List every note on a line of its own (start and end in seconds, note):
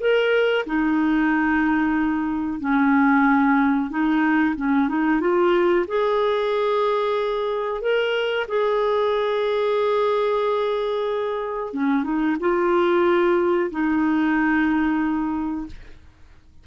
0.00 0.65 A#4
0.66 2.60 D#4
2.60 3.90 C#4
3.90 4.55 D#4
4.56 4.88 C#4
4.88 5.20 D#4
5.20 5.85 F4
5.88 7.81 G#4
7.81 8.46 A#4
8.48 11.73 G#4
11.73 12.04 C#4
12.04 12.36 D#4
12.40 13.70 F4
13.70 15.66 D#4